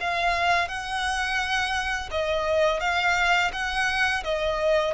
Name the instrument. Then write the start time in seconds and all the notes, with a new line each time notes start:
violin
0.00 F5
0.68 F#5
2.11 D#5
2.80 F5
3.53 F#5
4.24 D#5